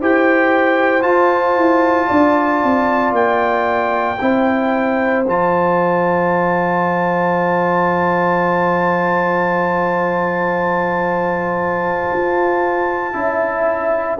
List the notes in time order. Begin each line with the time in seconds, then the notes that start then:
0.00 E4 G4 C5 G5
1.02 F4 A5
1.57 E4
2.07 D4 D5
2.64 C4
3.12 A#3 G5
4.21 C4 E4 C5
5.27 F3 F4 A5
12.13 F4
13.14 C#4 E4 E5